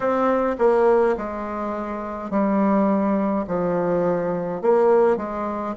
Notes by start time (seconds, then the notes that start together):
0.00 C4
0.58 A#3
1.17 G#3
2.30 G3
3.47 F3
4.62 A#3
5.17 G#3